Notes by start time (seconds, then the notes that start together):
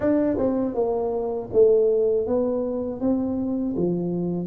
0.00 D4
0.38 C4
0.74 A#3
1.52 A3
2.27 B3
3.00 C4
3.76 F3